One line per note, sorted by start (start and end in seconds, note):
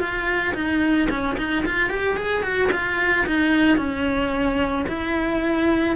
0.00 0.54 F4
0.55 1.09 D#4
1.10 1.37 C#4
1.38 1.65 D#4
1.66 1.90 F4
1.90 2.17 G4
2.17 2.43 G#4
2.43 2.70 F#4
2.72 3.27 F4
3.27 3.78 D#4
3.78 4.86 C#4
4.88 5.96 E4